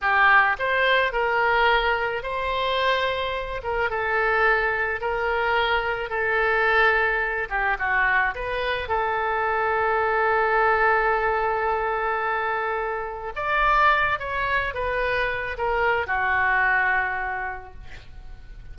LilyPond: \new Staff \with { instrumentName = "oboe" } { \time 4/4 \tempo 4 = 108 g'4 c''4 ais'2 | c''2~ c''8 ais'8 a'4~ | a'4 ais'2 a'4~ | a'4. g'8 fis'4 b'4 |
a'1~ | a'1 | d''4. cis''4 b'4. | ais'4 fis'2. | }